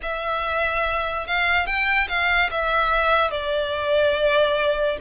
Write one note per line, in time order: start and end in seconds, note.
0.02 1.27 E5
1.27 1.66 F5
1.66 2.08 G5
2.08 2.50 F5
2.50 3.31 E5
3.31 4.97 D5